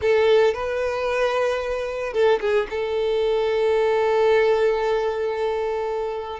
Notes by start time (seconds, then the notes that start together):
0.01 A4
0.54 B4
2.13 A4
2.40 G#4
2.69 A4